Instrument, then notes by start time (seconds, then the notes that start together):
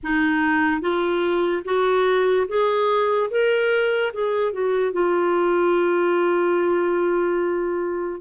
clarinet
0.03 D#4
0.81 F4
1.64 F#4
2.47 G#4
3.30 A#4
4.13 G#4
4.52 F#4
4.92 F4